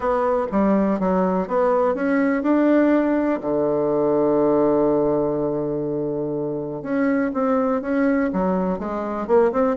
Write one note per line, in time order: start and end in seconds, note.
0.00 0.46 B3
0.51 0.99 G3
0.99 1.47 F#3
1.47 1.94 B3
1.94 2.43 C#4
2.43 3.40 D4
3.41 6.82 D3
6.82 7.31 C#4
7.33 7.81 C4
7.81 8.30 C#4
8.32 8.78 F#3
8.78 9.27 G#3
9.27 9.51 A#3
9.52 9.76 C4